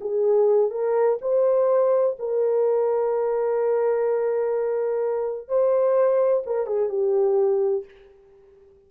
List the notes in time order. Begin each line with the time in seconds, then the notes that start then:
0.00 G#4
0.70 A#4
1.21 C5
2.18 A#4
5.48 C5
6.46 A#4
6.66 G#4
6.89 G4